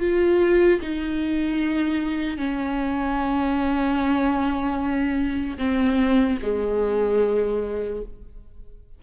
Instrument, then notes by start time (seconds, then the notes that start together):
viola
0.00 F4
0.82 D#4
2.38 C#4
5.58 C4
6.43 G#3